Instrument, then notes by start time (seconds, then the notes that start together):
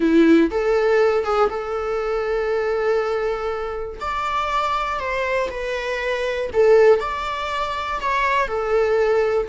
viola
0.00 E4
0.50 A4
1.24 G#4
1.49 A4
4.00 D5
4.99 C5
5.50 B4
6.53 A4
7.00 D5
8.00 C#5
8.47 A4